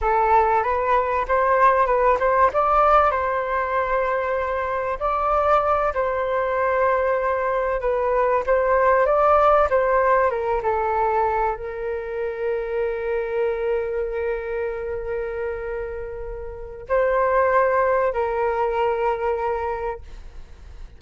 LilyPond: \new Staff \with { instrumentName = "flute" } { \time 4/4 \tempo 4 = 96 a'4 b'4 c''4 b'8 c''8 | d''4 c''2. | d''4. c''2~ c''8~ | c''8 b'4 c''4 d''4 c''8~ |
c''8 ais'8 a'4. ais'4.~ | ais'1~ | ais'2. c''4~ | c''4 ais'2. | }